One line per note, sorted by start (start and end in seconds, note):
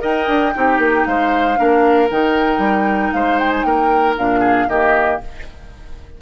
0.00 0.27 D#4
0.00 0.52 A#4
0.00 0.53 D#5
0.00 1.05 G5
0.27 0.53 D4
0.55 0.78 C4
0.55 1.56 D#4
0.55 1.08 G4
0.78 1.04 A#3
1.05 1.58 G#3
1.05 1.58 C5
1.05 2.09 F5
1.56 2.10 A#3
1.56 2.08 D4
1.56 3.13 A#4
2.10 2.58 D#3
2.10 4.17 D#4
2.10 3.13 G5
2.58 3.10 G3
3.13 3.64 G#3
3.13 3.66 C5
3.13 3.38 F5
3.38 3.51 G5
3.51 3.62 G#5
3.62 4.16 A#3
3.62 4.40 A#4
3.62 4.14 G5
4.17 4.67 A#2
4.17 4.69 D4
4.17 4.69 F5
4.40 4.65 G#4
4.67 5.19 D#3
4.67 5.21 A#3
4.67 5.21 G4
4.67 5.20 D#5